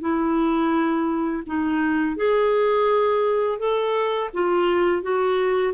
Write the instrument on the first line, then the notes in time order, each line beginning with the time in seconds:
clarinet
0.00 E4
1.46 D#4
2.16 G#4
3.58 A4
4.33 F4
5.02 F#4